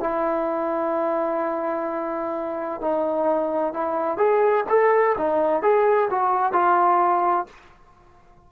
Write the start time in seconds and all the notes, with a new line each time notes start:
0.00 E4
2.81 D#4
3.74 E4
4.18 G#4
4.69 A4
5.18 D#4
5.62 G#4
6.11 F#4
6.53 F4